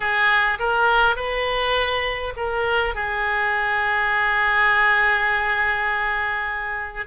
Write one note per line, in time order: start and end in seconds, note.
0.00 0.58 G#4
0.59 1.16 A#4
1.16 2.33 B4
2.36 2.94 A#4
2.94 7.06 G#4